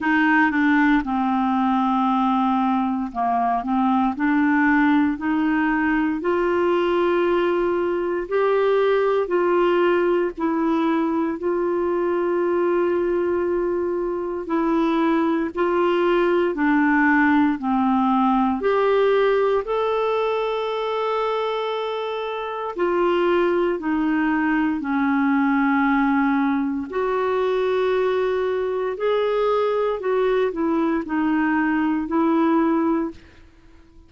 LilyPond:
\new Staff \with { instrumentName = "clarinet" } { \time 4/4 \tempo 4 = 58 dis'8 d'8 c'2 ais8 c'8 | d'4 dis'4 f'2 | g'4 f'4 e'4 f'4~ | f'2 e'4 f'4 |
d'4 c'4 g'4 a'4~ | a'2 f'4 dis'4 | cis'2 fis'2 | gis'4 fis'8 e'8 dis'4 e'4 | }